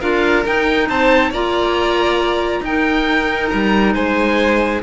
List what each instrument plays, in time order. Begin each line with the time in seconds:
0.00 cello D4, clarinet F4, violin A#4, oboe F5
0.46 clarinet D#4, cello D#4, oboe G5
0.89 cello C4, violin C5, oboe A5
1.30 cello A#3, clarinet F4, violin D5, oboe A#5
2.60 cello D#4, clarinet D#4, violin A#4, oboe G5
3.49 cello G3, oboe A#5
3.94 cello G#3, violin C5, oboe G#5